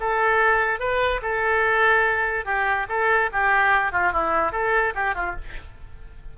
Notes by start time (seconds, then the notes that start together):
0.00 A4
0.80 B4
1.22 A4
2.45 G4
2.89 A4
3.33 G4
3.92 F4
4.13 E4
4.52 A4
4.95 G4
5.15 F4